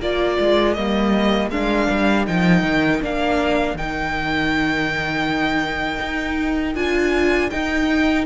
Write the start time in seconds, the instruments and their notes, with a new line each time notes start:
0.00 cello A#3, viola F4, violin A#4 D5
0.39 cello G#3
0.73 cello G3, viola A#3, violin D#5
1.50 cello G#3, viola D4, violin F5
1.90 cello G3
2.27 cello F3, viola D#4, violin G5
2.63 cello D#3
3.02 cello A#3, viola D4, violin F5
3.74 cello D#3, viola D#4, violin G5
6.00 cello D#4
6.75 cello D4, viola F4, violin G#5
7.50 viola D#4, cello D#4, violin G5